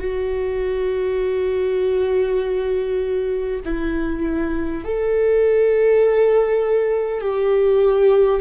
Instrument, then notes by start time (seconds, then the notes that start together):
viola
0.00 F#4
3.65 E4
4.85 A4
7.22 G4